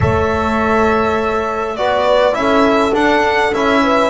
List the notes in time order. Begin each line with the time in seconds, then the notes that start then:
0.00 A3 A4 C#5 E5
1.76 B3 F#4 B4 D5
2.33 C#4 E4 A4 E5
2.92 D4 F#5
3.53 C#4 E4 E5
3.82 B4